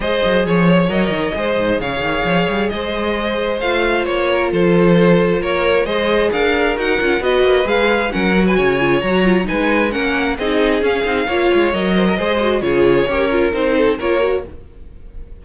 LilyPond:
<<
  \new Staff \with { instrumentName = "violin" } { \time 4/4 \tempo 4 = 133 dis''4 cis''4 dis''2 | f''2 dis''2 | f''4 cis''4 c''2 | cis''4 dis''4 f''4 fis''4 |
dis''4 f''4 fis''8. gis''4~ gis''16 | ais''4 gis''4 fis''4 dis''4 | f''2 dis''2 | cis''2 c''4 cis''4 | }
  \new Staff \with { instrumentName = "violin" } { \time 4/4 c''4 cis''2 c''4 | cis''2 c''2~ | c''4. ais'8 a'2 | ais'4 c''4 ais'2 |
b'2 ais'8. b'16 cis''4~ | cis''4 b'4 ais'4 gis'4~ | gis'4 cis''4. c''16 ais'16 c''4 | gis'4 ais'4. a'8 ais'4 | }
  \new Staff \with { instrumentName = "viola" } { \time 4/4 gis'2 ais'4 gis'4~ | gis'1 | f'1~ | f'4 gis'2 fis'8 f'8 |
fis'4 gis'4 cis'8 fis'4 f'8 | fis'8 f'8 dis'4 cis'4 dis'4 | cis'8 dis'8 f'4 ais'4 gis'8 fis'8 | f'4 g'8 f'8 dis'4 f'8 fis'8 | }
  \new Staff \with { instrumentName = "cello" } { \time 4/4 gis8 fis8 f4 fis8 dis8 gis8 gis,8 | cis8 dis8 f8 g8 gis2 | a4 ais4 f2 | ais4 gis4 d'4 dis'8 cis'8 |
b8 ais8 gis4 fis4 cis4 | fis4 gis4 ais4 c'4 | cis'8 c'8 ais8 gis8 fis4 gis4 | cis4 cis'4 c'4 ais4 | }
>>